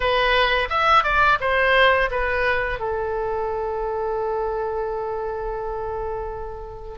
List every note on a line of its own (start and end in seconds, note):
0.00 0.68 B4
0.69 1.03 E5
1.03 1.38 D5
1.40 2.10 C5
2.10 2.79 B4
2.79 6.98 A4